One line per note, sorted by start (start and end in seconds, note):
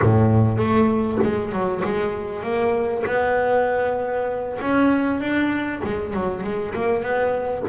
0.02 0.57 A2
0.57 1.19 A3
1.23 1.51 G#3
1.51 1.82 F#3
1.84 2.42 G#3
2.42 3.04 A#3
3.06 4.59 B3
4.61 5.20 C#4
5.20 5.81 D4
5.84 6.13 G#3
6.13 6.43 F#3
6.43 6.74 G#3
6.74 7.02 A#3
7.02 7.64 B3